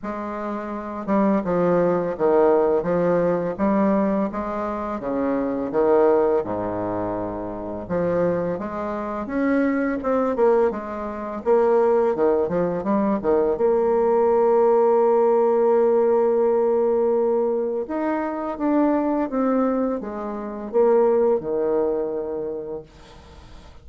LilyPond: \new Staff \with { instrumentName = "bassoon" } { \time 4/4 \tempo 4 = 84 gis4. g8 f4 dis4 | f4 g4 gis4 cis4 | dis4 gis,2 f4 | gis4 cis'4 c'8 ais8 gis4 |
ais4 dis8 f8 g8 dis8 ais4~ | ais1~ | ais4 dis'4 d'4 c'4 | gis4 ais4 dis2 | }